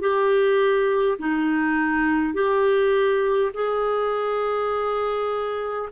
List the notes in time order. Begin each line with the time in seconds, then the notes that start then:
0.00 G4
1.19 D#4
2.34 G4
3.54 G#4